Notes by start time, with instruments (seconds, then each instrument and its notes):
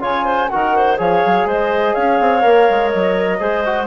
0.00 bassoon C#3, trombone F4, clarinet C#5, flute G#5
0.25 clarinet C5
0.48 bassoon D#3, trombone F#4, clarinet A#4, flute F#5
0.76 clarinet C5
0.97 bassoon F3, trombone G#4, clarinet C#5, flute F5
1.25 bassoon F#3
1.45 bassoon G#3, clarinet C5, flute D#5
1.94 bassoon C#4, clarinet C#5, flute F5
2.19 bassoon C4
2.41 bassoon A#3, trombone A#4
2.69 bassoon G#3
2.88 bassoon F#3, flute D#5
3.39 bassoon G#3, trombone G#4, clarinet C5
3.65 trombone F#4